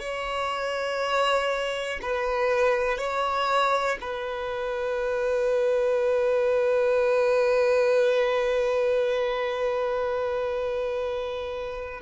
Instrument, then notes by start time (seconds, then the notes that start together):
violin
0.00 C#5
2.02 B4
2.99 C#5
4.01 B4